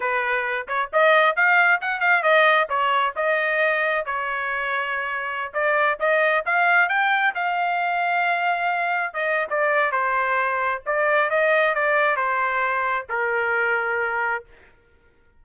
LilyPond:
\new Staff \with { instrumentName = "trumpet" } { \time 4/4 \tempo 4 = 133 b'4. cis''8 dis''4 f''4 | fis''8 f''8 dis''4 cis''4 dis''4~ | dis''4 cis''2.~ | cis''16 d''4 dis''4 f''4 g''8.~ |
g''16 f''2.~ f''8.~ | f''16 dis''8. d''4 c''2 | d''4 dis''4 d''4 c''4~ | c''4 ais'2. | }